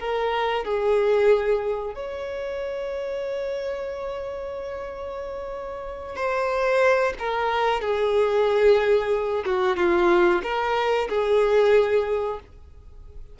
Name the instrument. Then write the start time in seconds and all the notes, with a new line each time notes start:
violin
0.00 A#4
0.65 G#4
1.95 C#5
6.16 C5
7.19 A#4
7.81 G#4
9.45 F#4
9.77 F4
10.43 A#4
11.09 G#4